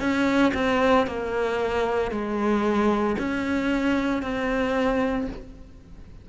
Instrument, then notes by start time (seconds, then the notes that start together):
cello
0.00 C#4
0.54 C4
1.07 A#3
2.11 G#3
3.18 C#4
4.22 C4